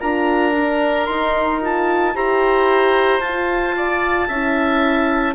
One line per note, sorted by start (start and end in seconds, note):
0.00 1.09 D4
0.00 0.54 F4
0.00 2.14 A#4
0.00 1.06 A#5
0.57 1.06 D4
1.06 1.60 D#4
1.06 2.16 D#4
1.06 1.60 C6
1.61 2.15 F4
1.61 2.16 A5
2.15 3.20 E4
2.15 3.22 G4
2.15 3.76 C5
2.15 3.21 A#5
3.20 4.27 F4
3.20 4.32 F4
3.20 5.35 A5
3.77 4.28 D5
4.28 5.35 C#4
4.28 5.35 E4
4.28 5.35 E5